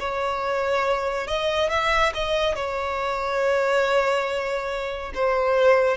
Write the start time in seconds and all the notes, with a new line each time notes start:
0.00 C#5
1.28 D#5
1.70 E5
2.14 D#5
2.56 C#5
5.15 C5